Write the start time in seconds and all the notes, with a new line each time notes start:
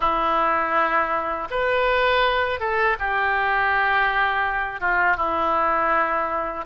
0.00 E4
1.50 B4
2.59 A4
2.99 G4
4.80 F4
5.16 E4